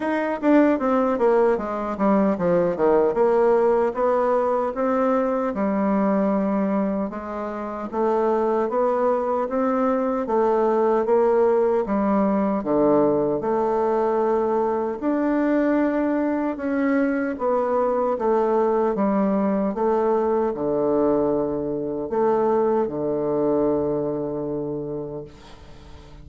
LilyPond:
\new Staff \with { instrumentName = "bassoon" } { \time 4/4 \tempo 4 = 76 dis'8 d'8 c'8 ais8 gis8 g8 f8 dis8 | ais4 b4 c'4 g4~ | g4 gis4 a4 b4 | c'4 a4 ais4 g4 |
d4 a2 d'4~ | d'4 cis'4 b4 a4 | g4 a4 d2 | a4 d2. | }